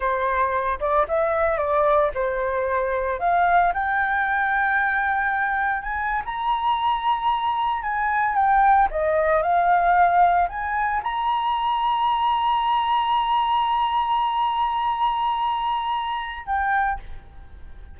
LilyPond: \new Staff \with { instrumentName = "flute" } { \time 4/4 \tempo 4 = 113 c''4. d''8 e''4 d''4 | c''2 f''4 g''4~ | g''2. gis''8. ais''16~ | ais''2~ ais''8. gis''4 g''16~ |
g''8. dis''4 f''2 gis''16~ | gis''8. ais''2.~ ais''16~ | ais''1~ | ais''2. g''4 | }